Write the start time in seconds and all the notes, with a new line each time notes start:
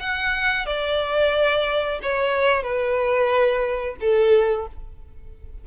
0.00 F#5
0.66 D5
2.03 C#5
2.63 B4
4.01 A4